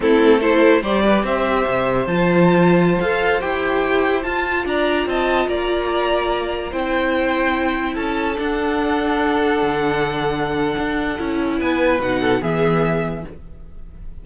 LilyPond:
<<
  \new Staff \with { instrumentName = "violin" } { \time 4/4 \tempo 4 = 145 a'4 c''4 d''4 e''4~ | e''4 a''2~ a''16 f''8.~ | f''16 g''2 a''4 ais''8.~ | ais''16 a''4 ais''2~ ais''8.~ |
ais''16 g''2. a''8.~ | a''16 fis''2.~ fis''8.~ | fis''1 | gis''4 fis''4 e''2 | }
  \new Staff \with { instrumentName = "violin" } { \time 4/4 e'4 a'4 c''8 b'8 c''4~ | c''1~ | c''2.~ c''16 d''8.~ | d''16 dis''4 d''2~ d''8.~ |
d''16 c''2. a'8.~ | a'1~ | a'1 | b'4. a'8 gis'2 | }
  \new Staff \with { instrumentName = "viola" } { \time 4/4 c'4 e'4 g'2~ | g'4 f'2~ f'16 a'8.~ | a'16 g'2 f'4.~ f'16~ | f'1~ |
f'16 e'2.~ e'8.~ | e'16 d'2.~ d'8.~ | d'2. e'4~ | e'4 dis'4 b2 | }
  \new Staff \with { instrumentName = "cello" } { \time 4/4 a2 g4 c'4 | c4 f2~ f16 f'8.~ | f'16 e'2 f'4 d'8.~ | d'16 c'4 ais2~ ais8.~ |
ais16 c'2. cis'8.~ | cis'16 d'2. d8.~ | d2 d'4 cis'4 | b4 b,4 e2 | }
>>